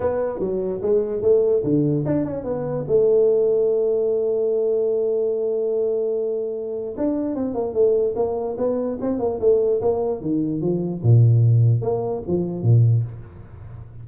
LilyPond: \new Staff \with { instrumentName = "tuba" } { \time 4/4 \tempo 4 = 147 b4 fis4 gis4 a4 | d4 d'8 cis'8 b4 a4~ | a1~ | a1~ |
a4 d'4 c'8 ais8 a4 | ais4 b4 c'8 ais8 a4 | ais4 dis4 f4 ais,4~ | ais,4 ais4 f4 ais,4 | }